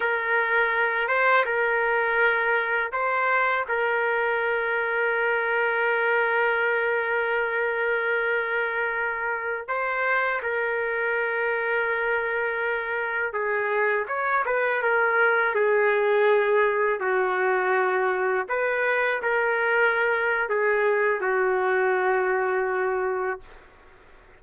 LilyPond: \new Staff \with { instrumentName = "trumpet" } { \time 4/4 \tempo 4 = 82 ais'4. c''8 ais'2 | c''4 ais'2.~ | ais'1~ | ais'4~ ais'16 c''4 ais'4.~ ais'16~ |
ais'2~ ais'16 gis'4 cis''8 b'16~ | b'16 ais'4 gis'2 fis'8.~ | fis'4~ fis'16 b'4 ais'4.~ ais'16 | gis'4 fis'2. | }